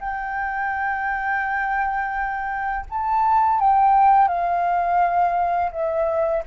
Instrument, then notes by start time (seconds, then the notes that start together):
flute
0.00 G5
2.90 A5
3.60 G5
4.28 F5
5.72 E5